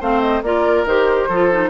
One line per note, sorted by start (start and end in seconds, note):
0.00 0.42 A3
0.00 0.44 C4
0.00 0.43 C5
0.00 0.21 F5
0.21 0.42 D#5
0.42 0.85 A#3
0.42 0.87 F4
0.42 1.29 A#4
0.42 0.86 D5
0.85 1.28 D#3
0.85 1.30 G4
0.85 1.70 C5
1.29 1.70 F3
1.29 1.52 F4
1.29 1.70 A4
1.52 1.70 D#4